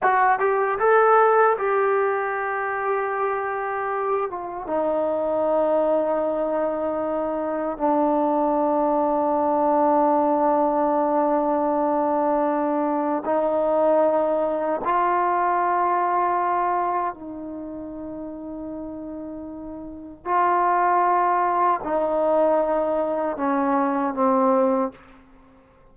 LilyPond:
\new Staff \with { instrumentName = "trombone" } { \time 4/4 \tempo 4 = 77 fis'8 g'8 a'4 g'2~ | g'4. f'8 dis'2~ | dis'2 d'2~ | d'1~ |
d'4 dis'2 f'4~ | f'2 dis'2~ | dis'2 f'2 | dis'2 cis'4 c'4 | }